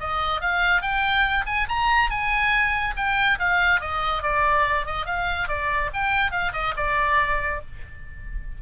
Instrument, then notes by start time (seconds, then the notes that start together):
oboe
0.00 D#5
0.41 F5
0.82 G5
1.46 G#5
1.69 A#5
2.10 G#5
2.97 G5
3.39 F5
3.81 D#5
4.23 D5
4.86 D#5
5.06 F5
5.48 D5
5.93 G5
6.31 F5
6.53 D#5
6.76 D5